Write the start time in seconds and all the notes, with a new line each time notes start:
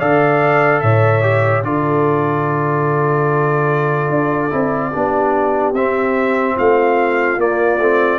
0.00 D3 A4 D5 F5
0.81 A2 C#5 E5
1.22 G4
1.64 D3 F4 A4 D5
4.10 D4
4.51 C4 E4
4.93 B3 D4 G4
5.73 C4 E5
6.57 A3 F4 F5
7.39 A#3 D5
7.79 A3 C4